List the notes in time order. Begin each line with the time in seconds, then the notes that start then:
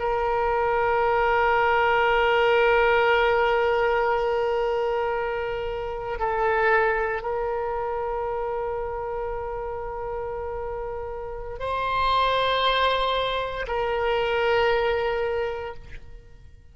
0.00 A#4
6.19 A4
7.23 A#4
11.60 C5
13.68 A#4